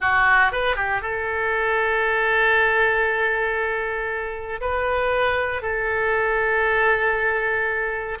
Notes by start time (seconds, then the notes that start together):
0.00 F#4
0.52 B4
0.76 G4
1.01 A4
4.60 B4
5.62 A4